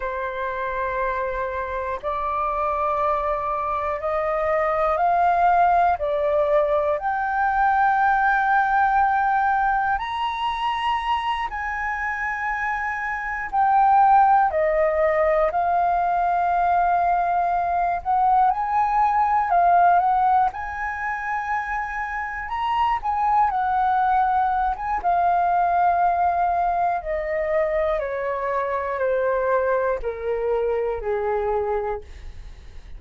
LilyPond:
\new Staff \with { instrumentName = "flute" } { \time 4/4 \tempo 4 = 60 c''2 d''2 | dis''4 f''4 d''4 g''4~ | g''2 ais''4. gis''8~ | gis''4. g''4 dis''4 f''8~ |
f''2 fis''8 gis''4 f''8 | fis''8 gis''2 ais''8 gis''8 fis''8~ | fis''8. gis''16 f''2 dis''4 | cis''4 c''4 ais'4 gis'4 | }